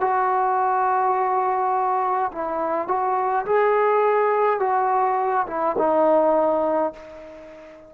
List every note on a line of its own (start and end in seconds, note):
0.00 2.31 F#4
2.32 2.87 E4
2.87 3.45 F#4
3.45 4.59 G#4
4.59 5.46 F#4
5.47 5.75 E4
5.77 6.93 D#4